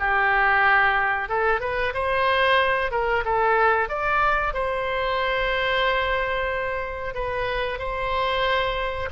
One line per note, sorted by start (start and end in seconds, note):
0.00 1.29 G4
1.29 1.61 A4
1.61 1.94 B4
1.94 2.92 C5
2.92 3.24 A#4
3.25 3.90 A4
3.90 4.54 D5
4.54 7.15 C5
7.15 7.79 B4
7.79 9.09 C5